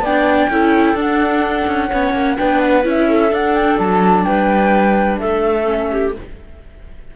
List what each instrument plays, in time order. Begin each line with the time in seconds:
0.00 cello B3, clarinet D5, flute G5
0.06 viola D4
0.50 cello C#4, viola E4, clarinet A4
0.94 cello D4, viola D4, flute F#5
1.67 cello C#4
1.89 cello B3, viola C#4, clarinet C#5
2.14 cello A#3
2.38 cello B3, viola D4, clarinet B4, flute G5
2.60 flute F#5
2.84 cello C#4, viola E4, flute E5
3.09 clarinet A4
3.30 viola D4, cello D4, flute F#5
3.54 flute G5
3.79 cello F#3, flute A5
4.24 cello G3, clarinet B4, flute G5
5.19 cello A3, clarinet A4, flute E5
5.65 viola C#4
5.91 clarinet G4